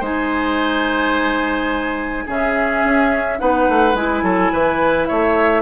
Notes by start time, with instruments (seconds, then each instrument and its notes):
0.00 bassoon G#3, clarinet D#4, oboe C5, flute G#5
2.26 bassoon C#3, clarinet C#4, oboe G#4, flute E5
2.84 bassoon C#4
3.39 bassoon B3, clarinet D#4, oboe B4, flute F#5
3.69 bassoon A3
3.95 bassoon G#3, clarinet E4, flute G#5
4.23 bassoon F#3, oboe A4
4.53 bassoon E3, oboe B4
5.05 bassoon A3, oboe C#5, flute E5